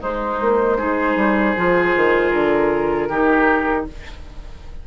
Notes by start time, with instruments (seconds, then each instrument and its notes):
0.00 bassoon G#3, clarinet G#3, oboe D#4, flute C5
0.40 bassoon A#3
0.78 bassoon G#3, clarinet D#4, oboe G#4
1.16 bassoon G3
1.56 bassoon F3, clarinet F4
1.95 bassoon D#3
2.30 bassoon D3, flute A#4
3.08 bassoon D#3, clarinet D#4, oboe G4